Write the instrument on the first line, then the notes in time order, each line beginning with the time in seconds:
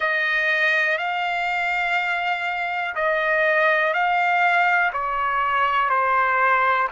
trumpet
0.00 D#5
0.98 F5
2.95 D#5
3.93 F5
4.92 C#5
5.89 C5